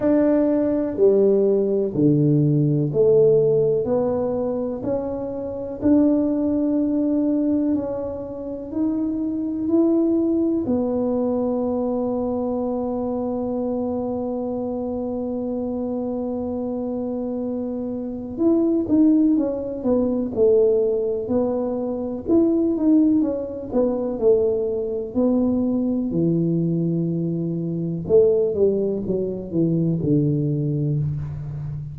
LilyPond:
\new Staff \with { instrumentName = "tuba" } { \time 4/4 \tempo 4 = 62 d'4 g4 d4 a4 | b4 cis'4 d'2 | cis'4 dis'4 e'4 b4~ | b1~ |
b2. e'8 dis'8 | cis'8 b8 a4 b4 e'8 dis'8 | cis'8 b8 a4 b4 e4~ | e4 a8 g8 fis8 e8 d4 | }